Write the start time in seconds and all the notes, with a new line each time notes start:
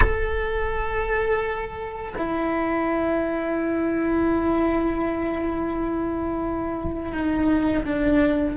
0.00 A4
2.17 E4
7.12 D#4
7.85 D4